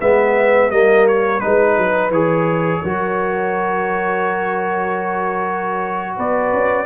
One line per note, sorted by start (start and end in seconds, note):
0.00 0.71 G#3
0.00 0.71 B3
0.00 0.71 B4
0.00 0.71 E5
0.71 1.41 G3
0.71 1.40 A#3
0.71 1.41 A#4
0.71 1.06 D#5
1.07 1.40 C#5
1.40 1.77 G#3
1.40 2.11 D#4
1.40 2.10 B4
1.40 2.81 B4
1.77 2.10 F#3
2.10 2.80 E3
2.10 2.84 G#4
2.10 6.17 C#5
2.81 6.18 F#3
2.81 6.86 F#4
2.81 6.16 A#4
6.16 6.52 B3
6.16 6.86 B4
6.16 6.86 D5
6.52 6.86 C#4